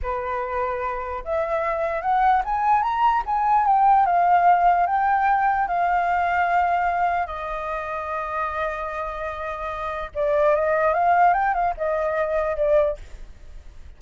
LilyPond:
\new Staff \with { instrumentName = "flute" } { \time 4/4 \tempo 4 = 148 b'2. e''4~ | e''4 fis''4 gis''4 ais''4 | gis''4 g''4 f''2 | g''2 f''2~ |
f''2 dis''2~ | dis''1~ | dis''4 d''4 dis''4 f''4 | g''8 f''8 dis''2 d''4 | }